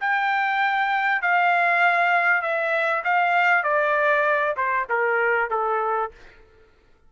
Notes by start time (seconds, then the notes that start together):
0.00 G5
1.22 F5
2.41 E5
3.04 F5
3.63 D5
4.56 C5
4.89 A#4
5.50 A4